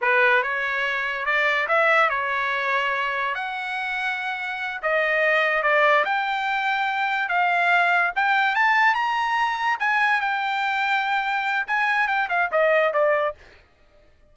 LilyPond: \new Staff \with { instrumentName = "trumpet" } { \time 4/4 \tempo 4 = 144 b'4 cis''2 d''4 | e''4 cis''2. | fis''2.~ fis''8 dis''8~ | dis''4. d''4 g''4.~ |
g''4. f''2 g''8~ | g''8 a''4 ais''2 gis''8~ | gis''8 g''2.~ g''8 | gis''4 g''8 f''8 dis''4 d''4 | }